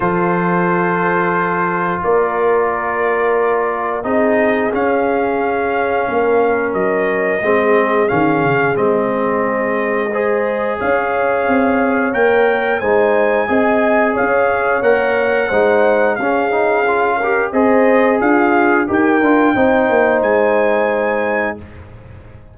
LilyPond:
<<
  \new Staff \with { instrumentName = "trumpet" } { \time 4/4 \tempo 4 = 89 c''2. d''4~ | d''2 dis''4 f''4~ | f''2 dis''2 | f''4 dis''2. |
f''2 g''4 gis''4~ | gis''4 f''4 fis''2 | f''2 dis''4 f''4 | g''2 gis''2 | }
  \new Staff \with { instrumentName = "horn" } { \time 4/4 a'2. ais'4~ | ais'2 gis'2~ | gis'4 ais'2 gis'4~ | gis'2. c''4 |
cis''2. c''4 | dis''4 cis''2 c''4 | gis'4. ais'8 c''4 f'4 | ais'4 c''2. | }
  \new Staff \with { instrumentName = "trombone" } { \time 4/4 f'1~ | f'2 dis'4 cis'4~ | cis'2. c'4 | cis'4 c'2 gis'4~ |
gis'2 ais'4 dis'4 | gis'2 ais'4 dis'4 | cis'8 dis'8 f'8 g'8 gis'2 | g'8 f'8 dis'2. | }
  \new Staff \with { instrumentName = "tuba" } { \time 4/4 f2. ais4~ | ais2 c'4 cis'4~ | cis'4 ais4 fis4 gis4 | dis8 cis8 gis2. |
cis'4 c'4 ais4 gis4 | c'4 cis'4 ais4 gis4 | cis'2 c'4 d'4 | dis'8 d'8 c'8 ais8 gis2 | }
>>